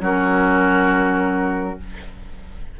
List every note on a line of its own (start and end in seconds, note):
0.00 1.76 F#3
0.00 1.78 C#4
0.00 1.79 F#4
0.00 1.80 A#4